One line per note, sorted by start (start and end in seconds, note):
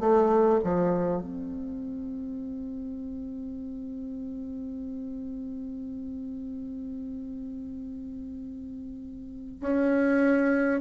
0.00 0.60 A3
0.64 1.22 F3
1.22 9.61 C4
9.61 10.81 C#4